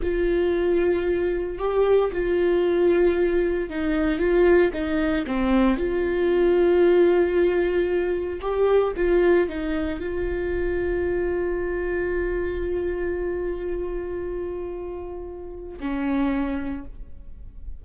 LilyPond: \new Staff \with { instrumentName = "viola" } { \time 4/4 \tempo 4 = 114 f'2. g'4 | f'2. dis'4 | f'4 dis'4 c'4 f'4~ | f'1 |
g'4 f'4 dis'4 f'4~ | f'1~ | f'1~ | f'2 cis'2 | }